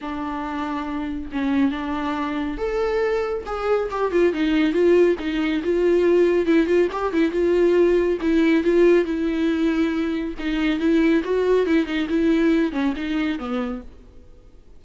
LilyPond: \new Staff \with { instrumentName = "viola" } { \time 4/4 \tempo 4 = 139 d'2. cis'4 | d'2 a'2 | gis'4 g'8 f'8 dis'4 f'4 | dis'4 f'2 e'8 f'8 |
g'8 e'8 f'2 e'4 | f'4 e'2. | dis'4 e'4 fis'4 e'8 dis'8 | e'4. cis'8 dis'4 b4 | }